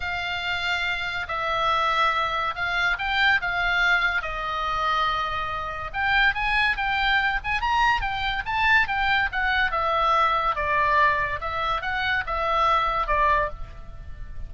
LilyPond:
\new Staff \with { instrumentName = "oboe" } { \time 4/4 \tempo 4 = 142 f''2. e''4~ | e''2 f''4 g''4 | f''2 dis''2~ | dis''2 g''4 gis''4 |
g''4. gis''8 ais''4 g''4 | a''4 g''4 fis''4 e''4~ | e''4 d''2 e''4 | fis''4 e''2 d''4 | }